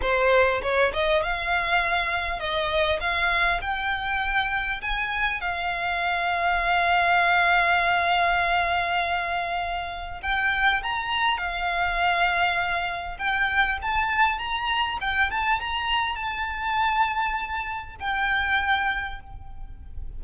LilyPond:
\new Staff \with { instrumentName = "violin" } { \time 4/4 \tempo 4 = 100 c''4 cis''8 dis''8 f''2 | dis''4 f''4 g''2 | gis''4 f''2.~ | f''1~ |
f''4 g''4 ais''4 f''4~ | f''2 g''4 a''4 | ais''4 g''8 a''8 ais''4 a''4~ | a''2 g''2 | }